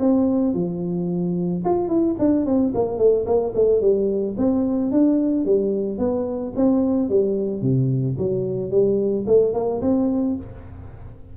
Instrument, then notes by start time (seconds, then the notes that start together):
tuba
0.00 C4
0.55 F3
1.65 F4
1.89 E4
2.19 D4
2.46 C4
2.75 A#3
2.99 A3
3.27 A#3
3.55 A3
3.82 G3
4.38 C4
4.92 D4
5.46 G3
5.99 B3
6.57 C4
7.10 G3
7.62 C3
8.18 F#3
8.71 G3
9.27 A3
9.54 A#3
9.82 C4